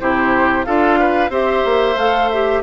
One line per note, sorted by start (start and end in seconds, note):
0.00 0.67 C3
0.00 0.66 E4
0.00 0.66 G4
0.00 0.64 C5
0.64 1.30 D4
0.64 1.30 F4
0.64 0.99 A4
0.64 1.30 F5
0.99 1.30 B4
1.30 1.63 C4
1.30 1.96 G4
1.30 2.62 C5
1.30 1.98 E5
1.65 1.96 A#3
1.96 2.62 A3
1.96 2.31 A4
1.96 2.30 F5
2.30 2.63 G4
2.30 2.62 E5